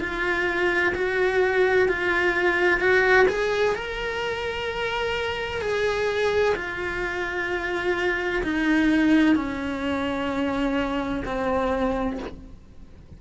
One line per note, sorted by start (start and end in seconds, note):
0.00 0.94 F4
0.95 1.88 F#4
1.88 2.80 F4
2.80 3.27 F#4
3.29 3.75 G#4
3.75 5.61 A#4
5.61 6.55 G#4
6.55 8.43 F4
8.43 9.36 D#4
9.36 11.23 C#4
11.25 12.19 C4